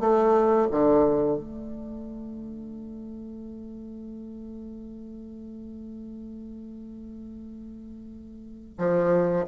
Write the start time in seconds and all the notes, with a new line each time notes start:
0.00 A3
0.71 D3
1.37 A3
8.78 F3